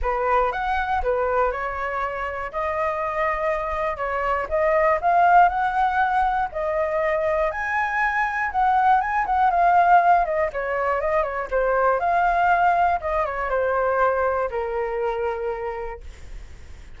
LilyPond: \new Staff \with { instrumentName = "flute" } { \time 4/4 \tempo 4 = 120 b'4 fis''4 b'4 cis''4~ | cis''4 dis''2. | cis''4 dis''4 f''4 fis''4~ | fis''4 dis''2 gis''4~ |
gis''4 fis''4 gis''8 fis''8 f''4~ | f''8 dis''8 cis''4 dis''8 cis''8 c''4 | f''2 dis''8 cis''8 c''4~ | c''4 ais'2. | }